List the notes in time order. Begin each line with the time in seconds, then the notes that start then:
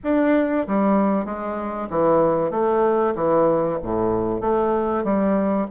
0.03 D4
0.67 G3
1.25 G#3
1.89 E3
2.51 A3
3.15 E3
3.82 A2
4.40 A3
5.04 G3